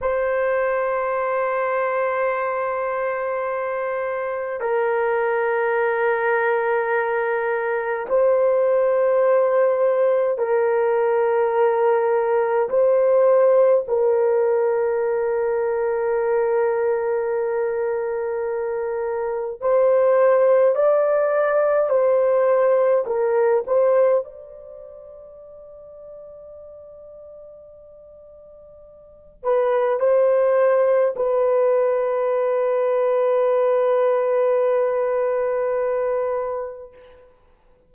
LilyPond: \new Staff \with { instrumentName = "horn" } { \time 4/4 \tempo 4 = 52 c''1 | ais'2. c''4~ | c''4 ais'2 c''4 | ais'1~ |
ais'4 c''4 d''4 c''4 | ais'8 c''8 d''2.~ | d''4. b'8 c''4 b'4~ | b'1 | }